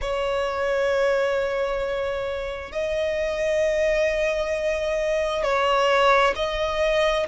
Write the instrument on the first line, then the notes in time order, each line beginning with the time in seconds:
violin
0.01 C#5
2.71 D#5
5.43 C#5
6.35 D#5